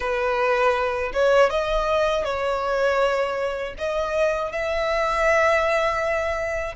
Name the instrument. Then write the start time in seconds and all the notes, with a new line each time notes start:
violin
0.00 B4
1.12 C#5
1.50 D#5
2.24 C#5
3.78 D#5
4.52 E5